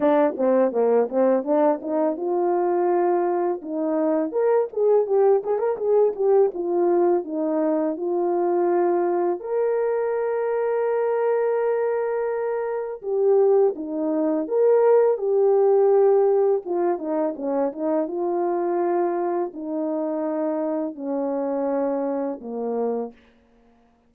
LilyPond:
\new Staff \with { instrumentName = "horn" } { \time 4/4 \tempo 4 = 83 d'8 c'8 ais8 c'8 d'8 dis'8 f'4~ | f'4 dis'4 ais'8 gis'8 g'8 gis'16 ais'16 | gis'8 g'8 f'4 dis'4 f'4~ | f'4 ais'2.~ |
ais'2 g'4 dis'4 | ais'4 g'2 f'8 dis'8 | cis'8 dis'8 f'2 dis'4~ | dis'4 cis'2 ais4 | }